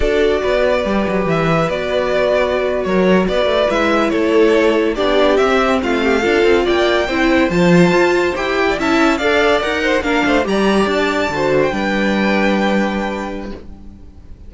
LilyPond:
<<
  \new Staff \with { instrumentName = "violin" } { \time 4/4 \tempo 4 = 142 d''2. e''4 | d''2~ d''8. cis''4 d''16~ | d''8. e''4 cis''2 d''16~ | d''8. e''4 f''2 g''16~ |
g''4.~ g''16 a''2 g''16~ | g''8. a''4 f''4 fis''4 f''16~ | f''8. ais''4 a''4.~ a''16 g''8~ | g''1 | }
  \new Staff \with { instrumentName = "violin" } { \time 4/4 a'4 b'2.~ | b'2~ b'8. ais'4 b'16~ | b'4.~ b'16 a'2 g'16~ | g'4.~ g'16 f'8 g'8 a'4 d''16~ |
d''8. c''2.~ c''16~ | c''8 d''16 e''4 d''4. c''8 ais'16~ | ais'16 c''8 d''2 c''4 b'16~ | b'1 | }
  \new Staff \with { instrumentName = "viola" } { \time 4/4 fis'2 g'2 | fis'1~ | fis'8. e'2. d'16~ | d'8. c'2 f'4~ f'16~ |
f'8. e'4 f'2 g'16~ | g'8. e'4 a'4 ais'4 d'16~ | d'8. g'2 fis'4 d'16~ | d'1 | }
  \new Staff \with { instrumentName = "cello" } { \time 4/4 d'4 b4 g8 fis8 e4 | b2~ b8. fis4 b16~ | b16 a8 gis4 a2 b16~ | b8. c'4 a4 d'8 c'8 ais16~ |
ais8. c'4 f4 f'4 e'16~ | e'8. cis'4 d'4 dis'4 ais16~ | ais16 a8 g4 d'4 d4 g16~ | g1 | }
>>